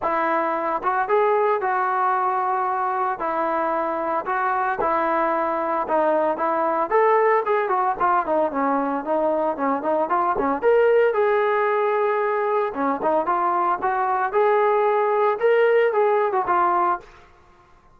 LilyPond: \new Staff \with { instrumentName = "trombone" } { \time 4/4 \tempo 4 = 113 e'4. fis'8 gis'4 fis'4~ | fis'2 e'2 | fis'4 e'2 dis'4 | e'4 a'4 gis'8 fis'8 f'8 dis'8 |
cis'4 dis'4 cis'8 dis'8 f'8 cis'8 | ais'4 gis'2. | cis'8 dis'8 f'4 fis'4 gis'4~ | gis'4 ais'4 gis'8. fis'16 f'4 | }